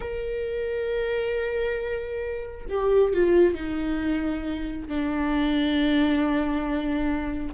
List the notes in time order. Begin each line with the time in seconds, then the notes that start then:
0.00 A#4
2.69 G4
3.13 F4
3.54 D#4
4.87 D4